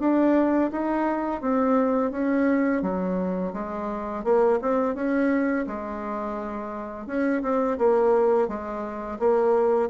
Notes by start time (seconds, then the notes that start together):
0.00 D4
0.72 D#4
1.41 C4
2.11 C#4
2.82 F#3
3.54 G#3
4.24 A#3
4.62 C4
4.95 C#4
5.67 G#3
7.07 C#4
7.42 C4
7.78 A#3
8.48 G#3
9.19 A#3